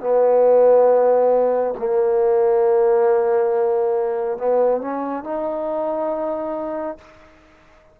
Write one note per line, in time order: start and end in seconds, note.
0.00 1.74 B3
1.78 4.38 A#3
4.38 4.81 B3
4.81 5.23 C#4
5.23 6.97 D#4